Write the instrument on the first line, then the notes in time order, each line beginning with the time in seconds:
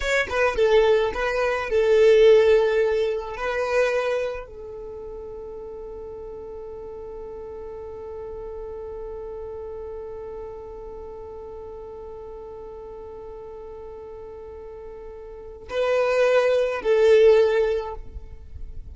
violin
0.00 C#5
0.29 B4
0.56 A4
1.14 B4
1.69 A4
3.36 B4
4.46 A4
15.69 B4
16.82 A4